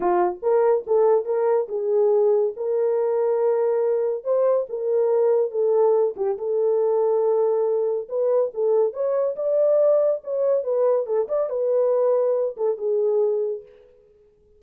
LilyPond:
\new Staff \with { instrumentName = "horn" } { \time 4/4 \tempo 4 = 141 f'4 ais'4 a'4 ais'4 | gis'2 ais'2~ | ais'2 c''4 ais'4~ | ais'4 a'4. g'8 a'4~ |
a'2. b'4 | a'4 cis''4 d''2 | cis''4 b'4 a'8 d''8 b'4~ | b'4. a'8 gis'2 | }